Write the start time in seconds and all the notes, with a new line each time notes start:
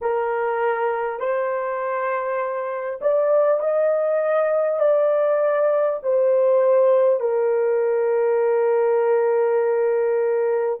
0.01 A#4
1.19 C5
3.01 D5
3.59 D#5
4.79 D5
6.03 C5
7.19 A#4